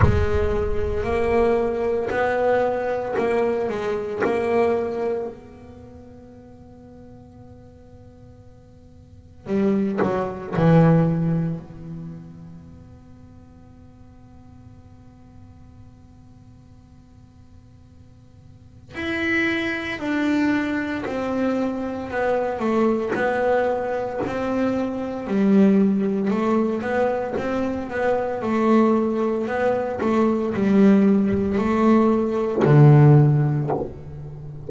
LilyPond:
\new Staff \with { instrumentName = "double bass" } { \time 4/4 \tempo 4 = 57 gis4 ais4 b4 ais8 gis8 | ais4 b2.~ | b4 g8 fis8 e4 b4~ | b1~ |
b2 e'4 d'4 | c'4 b8 a8 b4 c'4 | g4 a8 b8 c'8 b8 a4 | b8 a8 g4 a4 d4 | }